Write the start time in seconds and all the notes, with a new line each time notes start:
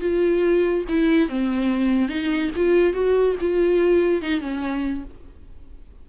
0.00 F4
0.88 E4
1.29 C4
2.08 D#4
2.56 F4
2.93 F#4
3.41 F4
4.22 D#4
4.40 C#4